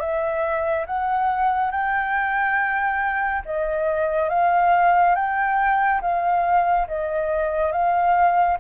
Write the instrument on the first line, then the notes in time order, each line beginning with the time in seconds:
flute
0.00 E5
0.86 F#5
1.71 G5
3.45 D#5
4.29 F5
5.15 G5
6.02 F5
6.88 D#5
7.72 F5